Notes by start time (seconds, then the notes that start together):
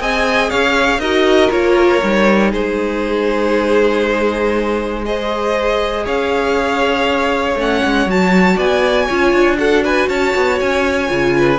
0.00 C4 G#4 D#5 G#5
0.49 C#4 C#5 F5
0.98 D#4 F#4 A#4 D#5
1.50 A#3 F4 C#5
2.03 G3 D#4
2.50 G#3 G#4 C5
5.05 G#4 C5 D#5
6.05 C#4 C#5 F5
7.55 A3 C#4 F#5
7.85 G#3
8.06 F#3 F#4 A5
8.56 B3 D5 G#5
9.06 C#4 F4 C#5
9.32 D4
9.57 F#4 A4 F#5
9.84 B4 G#5
10.08 C#4 C#5 A5
10.35 B3
10.60 C#4 G#5
11.07 C#3 F4
11.37 B4